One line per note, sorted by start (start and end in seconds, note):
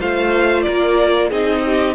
0.00 0.67 A3
0.00 1.32 F4
0.00 0.66 C5
0.00 0.63 F5
0.63 1.32 A#3
0.63 1.29 A#4
0.63 1.29 D5
1.29 1.95 C4
1.29 1.95 D#4
1.29 1.62 G#4
1.29 1.95 D#5
1.65 1.95 G4